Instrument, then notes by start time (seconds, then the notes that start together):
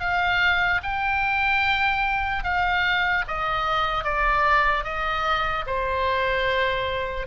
oboe
0.00 F5
0.83 G5
2.44 F5
3.28 D#5
4.04 D5
4.84 D#5
5.66 C5